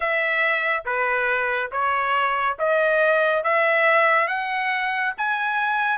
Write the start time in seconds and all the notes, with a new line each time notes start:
0.00 E5
0.85 B4
1.71 C#5
2.58 D#5
3.43 E5
4.27 F#5
5.17 G#5